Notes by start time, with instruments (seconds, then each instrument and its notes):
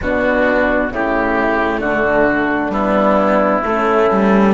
0.00 bassoon B2, cello B3, horn D4, oboe F#4
0.90 bassoon C#3, cello A3, horn E4, oboe G4
1.79 bassoon D3, horn D4, oboe F#4
2.68 bassoon G3, cello B3, oboe E4
3.63 bassoon A3, cello A3, horn C#4
4.10 cello G3